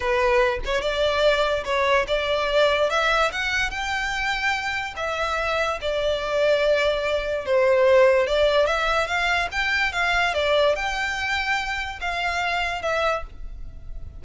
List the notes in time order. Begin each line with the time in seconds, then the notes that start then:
0.00 B4
0.65 C#5
0.81 D5
1.64 C#5
2.07 D5
2.89 E5
3.32 F#5
3.70 G5
4.96 E5
5.81 D5
7.45 C5
8.26 D5
8.66 E5
9.07 F5
9.51 G5
9.92 F5
10.34 D5
10.75 G5
12.00 F5
12.81 E5